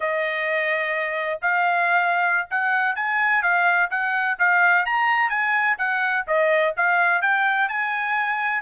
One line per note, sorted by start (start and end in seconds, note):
0.00 1.40 D#5
1.41 2.48 F5
2.50 2.95 F#5
2.95 3.42 G#5
3.42 3.89 F5
3.90 4.37 F#5
4.38 4.85 F5
4.85 5.29 A#5
5.29 5.76 G#5
5.78 6.25 F#5
6.27 6.74 D#5
6.76 7.21 F5
7.21 7.68 G5
7.68 8.62 G#5